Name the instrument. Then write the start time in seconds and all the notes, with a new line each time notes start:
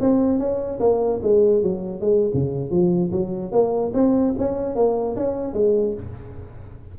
tuba
0.00 C4
0.39 C#4
0.80 A#3
1.22 G#3
1.63 F#3
2.01 G#3
2.34 C#3
2.71 F3
3.11 F#3
3.52 A#3
3.94 C4
4.38 C#4
4.75 A#3
5.16 C#4
5.53 G#3